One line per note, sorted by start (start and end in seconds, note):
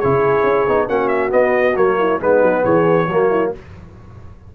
0.00 0.44 C#3
0.00 0.68 E4
0.00 0.88 G#4
0.00 0.88 C#5
0.44 0.66 C#4
0.68 0.89 B3
0.68 0.89 D#4
0.89 1.32 A#3
0.89 1.30 C#4
0.89 1.98 F#4
0.89 1.09 F#5
1.09 1.30 E5
1.30 1.74 B3
1.30 1.77 B3
1.30 1.77 D#5
1.76 2.21 F#3
1.76 2.20 A#3
1.76 2.21 C#5
1.98 2.20 E4
2.21 2.42 G#3
2.21 3.08 B3
2.21 2.64 D#4
2.21 2.65 B4
2.42 2.64 F#3
2.64 3.08 E3
2.64 3.07 G#4
2.64 3.52 C#5
3.07 3.52 F#3
3.07 3.55 A#3
3.07 3.29 F#4
3.30 3.52 E4